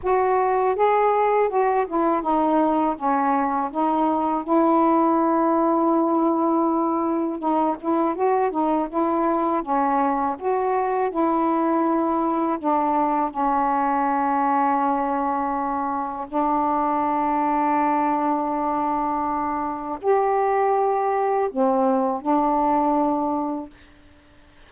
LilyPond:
\new Staff \with { instrumentName = "saxophone" } { \time 4/4 \tempo 4 = 81 fis'4 gis'4 fis'8 e'8 dis'4 | cis'4 dis'4 e'2~ | e'2 dis'8 e'8 fis'8 dis'8 | e'4 cis'4 fis'4 e'4~ |
e'4 d'4 cis'2~ | cis'2 d'2~ | d'2. g'4~ | g'4 c'4 d'2 | }